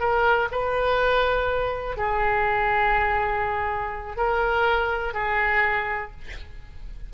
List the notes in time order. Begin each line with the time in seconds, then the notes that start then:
0.00 A#4
0.51 B4
1.97 G#4
4.17 A#4
5.14 G#4